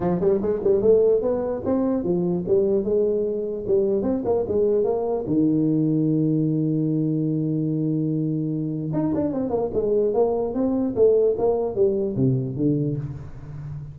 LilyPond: \new Staff \with { instrumentName = "tuba" } { \time 4/4 \tempo 4 = 148 f8 g8 gis8 g8 a4 b4 | c'4 f4 g4 gis4~ | gis4 g4 c'8 ais8 gis4 | ais4 dis2.~ |
dis1~ | dis2 dis'8 d'8 c'8 ais8 | gis4 ais4 c'4 a4 | ais4 g4 c4 d4 | }